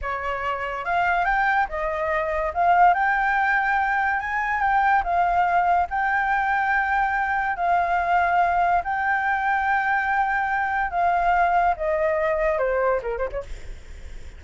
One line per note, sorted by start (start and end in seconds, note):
0.01 0.84 C#5
0.84 1.25 F5
1.25 1.66 G5
1.68 2.52 D#5
2.54 2.94 F5
2.94 4.19 G5
4.20 4.60 G#5
4.60 5.02 G5
5.03 5.87 F5
5.90 7.56 G5
7.56 8.82 F5
8.84 10.90 G5
10.90 11.74 F5
11.76 12.58 D#5
12.58 13.00 C5
13.02 13.18 A#4
13.18 13.28 C5
13.32 13.42 C#5